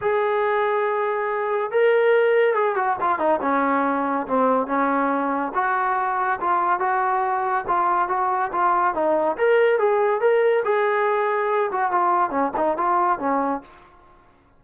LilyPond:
\new Staff \with { instrumentName = "trombone" } { \time 4/4 \tempo 4 = 141 gis'1 | ais'2 gis'8 fis'8 f'8 dis'8 | cis'2 c'4 cis'4~ | cis'4 fis'2 f'4 |
fis'2 f'4 fis'4 | f'4 dis'4 ais'4 gis'4 | ais'4 gis'2~ gis'8 fis'8 | f'4 cis'8 dis'8 f'4 cis'4 | }